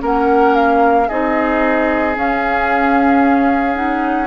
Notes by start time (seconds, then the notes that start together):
0.00 A#3 C#4 A#4 F#5
0.56 F5
1.08 C4 D#4 G#4 D#5
2.15 C#4 F5
3.75 D#4 F#5